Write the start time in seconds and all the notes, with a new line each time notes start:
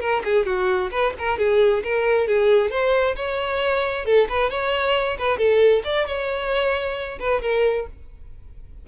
0.00 A#4
0.24 G#4
0.45 F#4
0.91 B4
1.18 A#4
1.38 G#4
1.84 A#4
2.27 G#4
2.70 C5
3.16 C#5
4.05 A4
4.29 B4
4.50 C#5
5.18 B4
5.38 A4
5.84 D5
6.06 C#5
7.19 B4
7.42 A#4